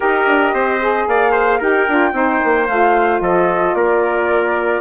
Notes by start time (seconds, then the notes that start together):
0.00 D#4 G4 A#4 D#5
0.26 D4
0.53 C4 C5
0.80 G#4
1.07 A#3 D5 F5
1.31 C5
1.58 D#4 G4 A#4 G5
1.88 D4 F4
2.12 C4 D#4 C5
2.44 A#3
2.67 A3 F4 F5
3.20 F3 A4 D#5
3.74 A#3 A#4 D5